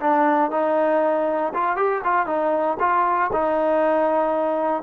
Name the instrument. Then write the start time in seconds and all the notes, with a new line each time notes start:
trombone
0.00 D4
0.51 D#4
1.54 F4
1.76 G4
2.04 F4
2.26 D#4
2.79 F4
3.33 D#4